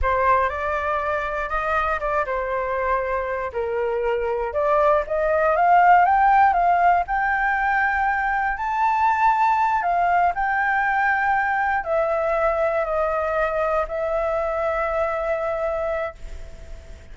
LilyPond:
\new Staff \with { instrumentName = "flute" } { \time 4/4 \tempo 4 = 119 c''4 d''2 dis''4 | d''8 c''2~ c''8 ais'4~ | ais'4 d''4 dis''4 f''4 | g''4 f''4 g''2~ |
g''4 a''2~ a''8 f''8~ | f''8 g''2. e''8~ | e''4. dis''2 e''8~ | e''1 | }